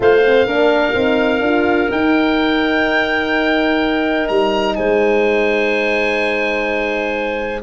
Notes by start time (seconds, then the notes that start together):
0.00 A3 F4 C5 F5
0.25 C4
0.46 A#3 D4 A#4
0.94 C4 D#4
1.40 D4 F4
1.91 D#4 G5
4.28 G3 A#5
4.75 G#3 C5 G#5